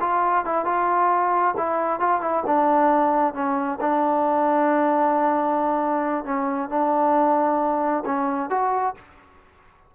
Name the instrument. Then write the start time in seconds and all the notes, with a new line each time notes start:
trombone
0.00 F4
0.45 E4
0.65 F4
1.57 E4
1.99 F4
2.21 E4
2.46 D4
3.33 C#4
3.80 D4
6.24 C#4
6.69 D4
8.05 C#4
8.50 F#4